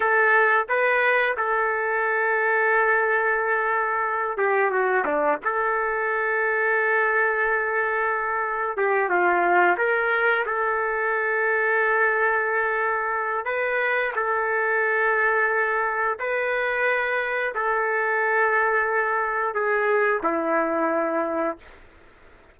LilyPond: \new Staff \with { instrumentName = "trumpet" } { \time 4/4 \tempo 4 = 89 a'4 b'4 a'2~ | a'2~ a'8 g'8 fis'8 d'8 | a'1~ | a'4 g'8 f'4 ais'4 a'8~ |
a'1 | b'4 a'2. | b'2 a'2~ | a'4 gis'4 e'2 | }